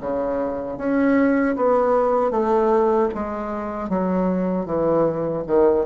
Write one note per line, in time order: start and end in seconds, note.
0.00 0.78 C#3
0.78 1.55 C#4
1.56 2.31 B3
2.31 3.09 A3
3.15 3.89 G#3
3.89 4.65 F#3
4.65 5.43 E3
5.47 5.85 D#3